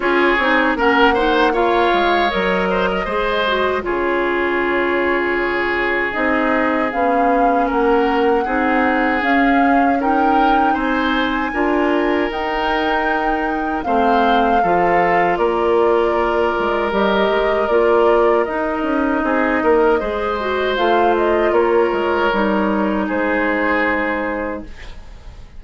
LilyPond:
<<
  \new Staff \with { instrumentName = "flute" } { \time 4/4 \tempo 4 = 78 cis''4 fis''4 f''4 dis''4~ | dis''4 cis''2. | dis''4 f''4 fis''2 | f''4 g''4 gis''2 |
g''2 f''2 | d''2 dis''4 d''4 | dis''2. f''8 dis''8 | cis''2 c''2 | }
  \new Staff \with { instrumentName = "oboe" } { \time 4/4 gis'4 ais'8 c''8 cis''4. c''16 ais'16 | c''4 gis'2.~ | gis'2 ais'4 gis'4~ | gis'4 ais'4 c''4 ais'4~ |
ais'2 c''4 a'4 | ais'1~ | ais'4 gis'8 ais'8 c''2 | ais'2 gis'2 | }
  \new Staff \with { instrumentName = "clarinet" } { \time 4/4 f'8 dis'8 cis'8 dis'8 f'4 ais'4 | gis'8 fis'8 f'2. | dis'4 cis'2 dis'4 | cis'4 dis'2 f'4 |
dis'2 c'4 f'4~ | f'2 g'4 f'4 | dis'2 gis'8 fis'8 f'4~ | f'4 dis'2. | }
  \new Staff \with { instrumentName = "bassoon" } { \time 4/4 cis'8 c'8 ais4. gis8 fis4 | gis4 cis2. | c'4 b4 ais4 c'4 | cis'2 c'4 d'4 |
dis'2 a4 f4 | ais4. gis8 g8 gis8 ais4 | dis'8 cis'8 c'8 ais8 gis4 a4 | ais8 gis8 g4 gis2 | }
>>